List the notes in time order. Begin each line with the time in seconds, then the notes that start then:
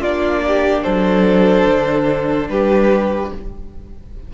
0.00 A#3 D4 F4 D5
0.47 G4
0.83 F#3 A4 C5
1.65 D3
2.49 G3 G4 B4